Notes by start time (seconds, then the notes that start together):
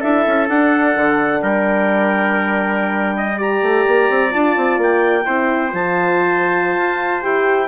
0.00 D4 E4 A4 E5
0.26 C#4
0.48 D4 F#5
0.96 D3
1.42 G3 A#4 G5
3.17 D#5
3.36 G4 D5 A#5
3.62 A3
3.87 A#3
4.09 C4
4.30 D4 F4 A5
4.56 C4
4.78 A#3 G5
5.25 C4 E4 C5
5.71 F3 F4 A5
6.78 F4
7.22 E4 G4 G5